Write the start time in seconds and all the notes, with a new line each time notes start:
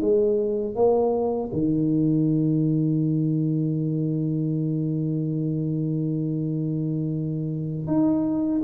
0.00 G#3
0.75 A#3
1.52 D#3
7.86 D#4